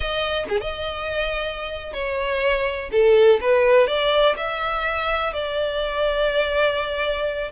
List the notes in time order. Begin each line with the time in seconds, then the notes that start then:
0.00 D#5
0.48 G#4
0.60 D#5
1.93 C#5
2.91 A4
3.40 B4
3.87 D5
4.37 E5
5.33 D5